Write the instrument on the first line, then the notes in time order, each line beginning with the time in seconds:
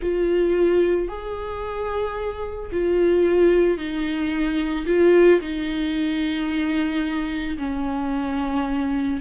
viola
0.01 F4
1.08 G#4
2.72 F4
3.77 D#4
4.86 F4
5.41 D#4
7.58 C#4